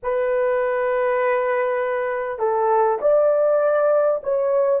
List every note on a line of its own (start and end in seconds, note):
0.02 2.38 B4
2.38 2.98 A4
3.01 4.21 D5
4.23 4.80 C#5